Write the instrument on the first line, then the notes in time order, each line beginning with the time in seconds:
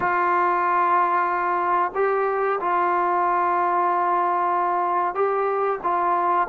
trombone
0.00 F4
1.94 G4
2.60 F4
5.14 G4
5.83 F4